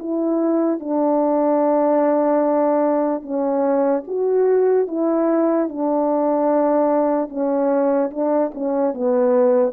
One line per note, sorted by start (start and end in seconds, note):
0.00 0.80 E4
0.80 3.22 D4
3.22 4.04 C#4
4.08 4.88 F#4
4.88 5.69 E4
5.69 7.29 D4
7.29 8.10 C#4
8.11 8.52 D4
8.55 8.94 C#4
8.94 9.73 B3